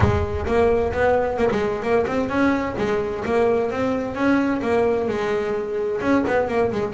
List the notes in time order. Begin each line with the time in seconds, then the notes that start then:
0.00 G#3
0.46 A#3
0.93 B3
1.37 A#3
1.51 G#3
1.82 A#3
2.06 C4
2.29 C#4
2.78 G#3
3.25 A#3
3.70 C4
4.14 C#4
4.61 A#3
5.07 G#3
6.01 C#4
6.27 B3
6.48 A#3
6.71 G#3